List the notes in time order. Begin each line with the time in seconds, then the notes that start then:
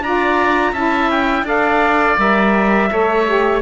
0.00 D4 F4 D5 A#5
0.72 C#4 E4 E5 A5
1.11 G5
1.43 D4 A4 D5 F5
2.18 G3 A#4 E5
2.90 A3 A4 C#5
3.27 G4